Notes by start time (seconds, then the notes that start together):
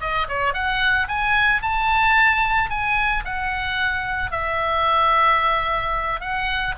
0.00 D#5
0.28 C#5
0.53 F#5
1.08 G#5
1.62 A5
2.70 G#5
3.24 F#5
4.31 E5
6.20 F#5